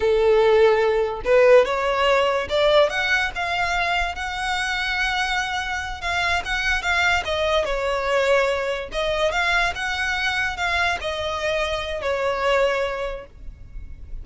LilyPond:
\new Staff \with { instrumentName = "violin" } { \time 4/4 \tempo 4 = 145 a'2. b'4 | cis''2 d''4 fis''4 | f''2 fis''2~ | fis''2~ fis''8 f''4 fis''8~ |
fis''8 f''4 dis''4 cis''4.~ | cis''4. dis''4 f''4 fis''8~ | fis''4. f''4 dis''4.~ | dis''4 cis''2. | }